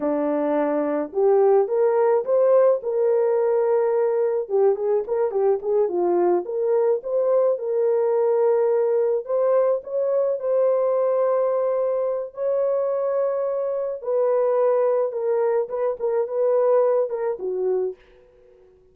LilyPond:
\new Staff \with { instrumentName = "horn" } { \time 4/4 \tempo 4 = 107 d'2 g'4 ais'4 | c''4 ais'2. | g'8 gis'8 ais'8 g'8 gis'8 f'4 ais'8~ | ais'8 c''4 ais'2~ ais'8~ |
ais'8 c''4 cis''4 c''4.~ | c''2 cis''2~ | cis''4 b'2 ais'4 | b'8 ais'8 b'4. ais'8 fis'4 | }